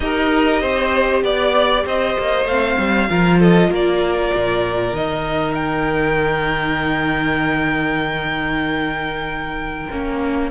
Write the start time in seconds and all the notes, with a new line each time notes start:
0.00 D#4 G4 A#4 D#5
0.61 C4 C5
1.22 B3 D5
1.85 C4 C5 D#5
2.18 A#3
2.44 A3 C4 F5
2.78 G3
3.09 F3 F4 A#4
3.39 A4 D#5
3.68 A#3 A#4 D5
4.34 A#2
4.92 D#3 D#4 D#5
5.54 G5
9.90 A#3 C#4